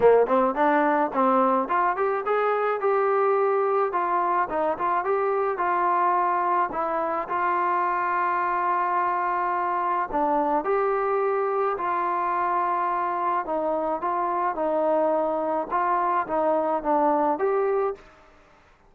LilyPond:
\new Staff \with { instrumentName = "trombone" } { \time 4/4 \tempo 4 = 107 ais8 c'8 d'4 c'4 f'8 g'8 | gis'4 g'2 f'4 | dis'8 f'8 g'4 f'2 | e'4 f'2.~ |
f'2 d'4 g'4~ | g'4 f'2. | dis'4 f'4 dis'2 | f'4 dis'4 d'4 g'4 | }